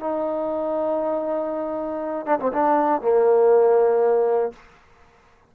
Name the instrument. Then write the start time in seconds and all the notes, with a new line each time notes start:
trombone
0.00 D#4
2.26 D4
2.39 C4
2.53 D4
3.02 A#3